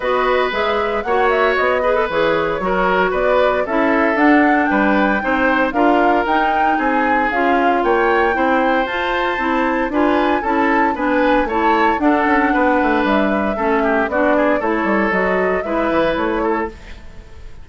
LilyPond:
<<
  \new Staff \with { instrumentName = "flute" } { \time 4/4 \tempo 4 = 115 dis''4 e''4 fis''8 e''8 dis''4 | cis''2 d''4 e''4 | fis''4 g''2 f''4 | g''4 gis''4 f''4 g''4~ |
g''4 a''2 gis''4 | a''4 gis''4 a''4 fis''4~ | fis''4 e''2 d''4 | cis''4 dis''4 e''4 cis''4 | }
  \new Staff \with { instrumentName = "oboe" } { \time 4/4 b'2 cis''4. b'8~ | b'4 ais'4 b'4 a'4~ | a'4 b'4 c''4 ais'4~ | ais'4 gis'2 cis''4 |
c''2. b'4 | a'4 b'4 cis''4 a'4 | b'2 a'8 g'8 fis'8 gis'8 | a'2 b'4. a'8 | }
  \new Staff \with { instrumentName = "clarinet" } { \time 4/4 fis'4 gis'4 fis'4. gis'16 a'16 | gis'4 fis'2 e'4 | d'2 dis'4 f'4 | dis'2 f'2 |
e'4 f'4 e'4 f'4 | e'4 d'4 e'4 d'4~ | d'2 cis'4 d'4 | e'4 fis'4 e'2 | }
  \new Staff \with { instrumentName = "bassoon" } { \time 4/4 b4 gis4 ais4 b4 | e4 fis4 b4 cis'4 | d'4 g4 c'4 d'4 | dis'4 c'4 cis'4 ais4 |
c'4 f'4 c'4 d'4 | cis'4 b4 a4 d'8 cis'8 | b8 a8 g4 a4 b4 | a8 g8 fis4 gis8 e8 a4 | }
>>